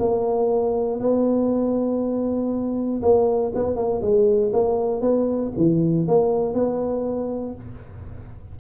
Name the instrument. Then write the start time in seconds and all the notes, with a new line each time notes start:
tuba
0.00 A#3
1.00 B3
3.02 A#3
3.55 B3
3.76 A#3
4.02 G#3
4.53 A#3
5.02 B3
5.57 E3
6.08 A#3
6.54 B3